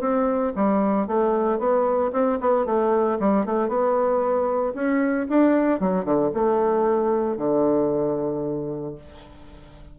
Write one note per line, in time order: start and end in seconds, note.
0.00 0.53 C4
0.55 1.07 G3
1.07 1.59 A3
1.59 2.11 B3
2.12 2.39 C4
2.40 2.66 B3
2.66 3.18 A3
3.19 3.45 G3
3.45 3.68 A3
3.68 4.73 B3
4.74 5.27 C#4
5.29 5.80 D4
5.80 6.04 F#3
6.04 6.31 D3
6.34 7.37 A3
7.37 8.95 D3